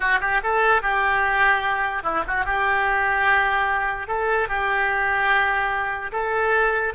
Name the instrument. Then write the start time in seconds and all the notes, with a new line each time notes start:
oboe
0.00 F#4
0.20 G4
0.43 A4
0.81 G4
2.03 E4
2.27 F#4
2.45 G4
4.07 A4
4.48 G4
6.12 A4